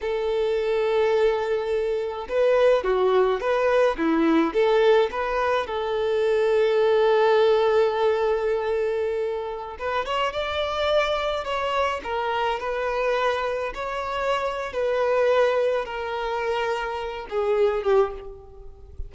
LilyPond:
\new Staff \with { instrumentName = "violin" } { \time 4/4 \tempo 4 = 106 a'1 | b'4 fis'4 b'4 e'4 | a'4 b'4 a'2~ | a'1~ |
a'4~ a'16 b'8 cis''8 d''4.~ d''16~ | d''16 cis''4 ais'4 b'4.~ b'16~ | b'16 cis''4.~ cis''16 b'2 | ais'2~ ais'8 gis'4 g'8 | }